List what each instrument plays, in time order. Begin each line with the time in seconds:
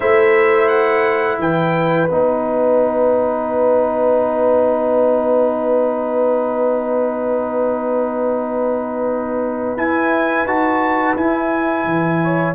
0.00 tuba A3, trombone E4, horn C5, trumpet E5
0.68 trumpet F#5
1.38 tuba E3, horn B4, trumpet G5
2.09 tuba B3, trombone D#4, trumpet F#5
9.76 tuba E4, trombone E4, trumpet G#5
10.44 tuba D#4, trombone F#4, trumpet A5
11.16 tuba E4, trombone E4, trumpet G#5
11.84 tuba E3
12.22 horn C#5